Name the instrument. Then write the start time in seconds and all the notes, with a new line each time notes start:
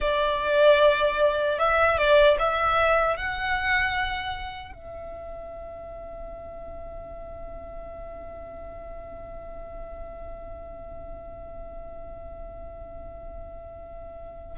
violin
0.00 D5
1.58 E5
1.97 D5
2.39 E5
3.16 F#5
4.74 E5